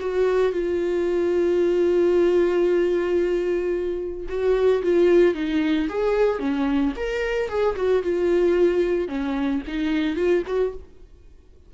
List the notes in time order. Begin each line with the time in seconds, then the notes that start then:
0.00 F#4
0.52 F4
4.29 F#4
4.83 F4
5.34 D#4
5.89 G#4
6.39 C#4
6.96 A#4
7.49 G#4
7.76 F#4
8.03 F4
9.08 C#4
9.67 D#4
10.16 F4
10.47 F#4